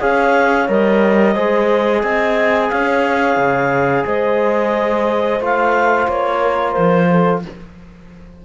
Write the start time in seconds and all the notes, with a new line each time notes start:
0.00 C#4 G#4 C#5 F5
0.68 G3 A#4 D#5
1.35 G#3 G#4 C5
2.03 C4 D#5 G#5
2.70 C#4 C#5 F5
3.37 C#3
4.06 G#3 C5 D#5
5.40 A3 F4 F5
6.08 A#3 C#5
6.42 A#4
6.72 C5
6.78 F3
7.11 A4